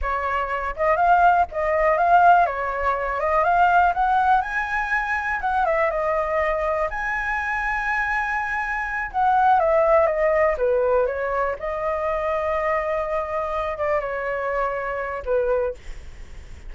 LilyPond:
\new Staff \with { instrumentName = "flute" } { \time 4/4 \tempo 4 = 122 cis''4. dis''8 f''4 dis''4 | f''4 cis''4. dis''8 f''4 | fis''4 gis''2 fis''8 e''8 | dis''2 gis''2~ |
gis''2~ gis''8 fis''4 e''8~ | e''8 dis''4 b'4 cis''4 dis''8~ | dis''1 | d''8 cis''2~ cis''8 b'4 | }